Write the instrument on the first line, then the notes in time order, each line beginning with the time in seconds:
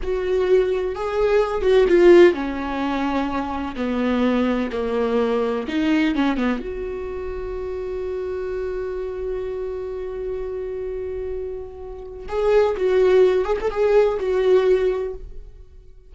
viola
0.02 F#4
0.95 G#4
1.61 F#4
1.88 F4
2.33 C#4
3.76 B3
4.72 A#3
5.67 D#4
6.15 C#4
6.37 B3
6.59 F#4
12.28 G#4
12.76 F#4
13.45 G#4
13.60 A4
13.70 G#4
14.19 F#4